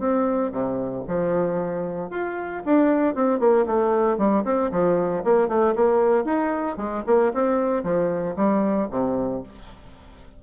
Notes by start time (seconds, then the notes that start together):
0.00 C4
0.52 C3
1.08 F3
2.11 F4
2.66 D4
3.15 C4
3.40 A#3
3.67 A3
4.18 G3
4.45 C4
4.72 F3
5.25 A#3
5.49 A3
5.76 A#3
6.25 D#4
6.77 G#3
7.07 A#3
7.34 C4
7.84 F3
8.37 G3
8.91 C3